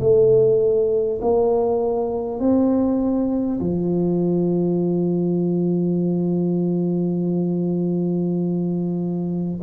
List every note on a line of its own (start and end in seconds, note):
0.00 1.20 A3
1.22 2.40 A#3
2.40 3.60 C4
3.61 9.61 F3